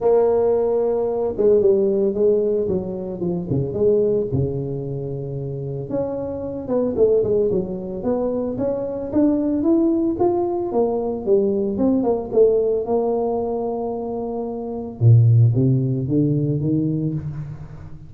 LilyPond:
\new Staff \with { instrumentName = "tuba" } { \time 4/4 \tempo 4 = 112 ais2~ ais8 gis8 g4 | gis4 fis4 f8 cis8 gis4 | cis2. cis'4~ | cis'8 b8 a8 gis8 fis4 b4 |
cis'4 d'4 e'4 f'4 | ais4 g4 c'8 ais8 a4 | ais1 | ais,4 c4 d4 dis4 | }